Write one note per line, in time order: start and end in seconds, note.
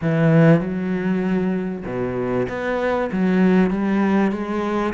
0.01 0.60 E3
0.60 1.84 F#3
1.85 2.47 B2
2.48 3.10 B3
3.12 3.70 F#3
3.70 4.31 G3
4.31 4.93 G#3